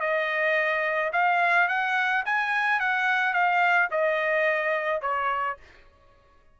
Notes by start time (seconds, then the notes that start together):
0.00 D#5
1.13 F5
1.68 F#5
2.25 G#5
2.80 F#5
3.33 F5
3.91 D#5
5.01 C#5